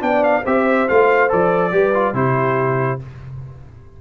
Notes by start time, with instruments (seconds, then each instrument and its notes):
0.00 tuba B3, trombone D4, horn D5, trumpet G5
0.23 trumpet F5
0.45 tuba C4, trombone G4, horn C5, trumpet E5
0.88 tuba A3, trombone F4, trumpet F5
1.29 tuba F3, trombone A4, trumpet D5
1.72 tuba G3, trombone G4, horn B4
1.94 trombone F4
2.13 tuba C3, trombone E4, horn G4, trumpet C5